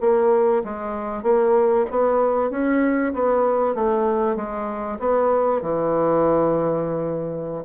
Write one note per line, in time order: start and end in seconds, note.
0.00 0.62 A#3
0.64 1.23 G#3
1.23 1.85 A#3
1.90 2.50 B3
2.50 3.13 C#4
3.13 3.74 B3
3.74 4.36 A3
4.36 4.98 G#3
4.99 5.61 B3
5.61 7.64 E3